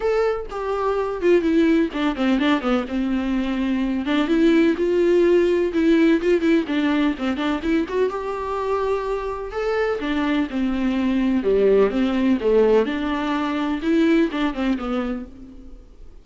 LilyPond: \new Staff \with { instrumentName = "viola" } { \time 4/4 \tempo 4 = 126 a'4 g'4. f'8 e'4 | d'8 c'8 d'8 b8 c'2~ | c'8 d'8 e'4 f'2 | e'4 f'8 e'8 d'4 c'8 d'8 |
e'8 fis'8 g'2. | a'4 d'4 c'2 | g4 c'4 a4 d'4~ | d'4 e'4 d'8 c'8 b4 | }